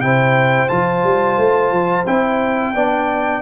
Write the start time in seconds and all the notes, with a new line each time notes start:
0.00 C3 E4 C5 G5
0.68 F3 F4 A5
1.04 G3
1.38 A3
1.71 F3
2.06 C4 E4 G5
2.75 B3 D4 D5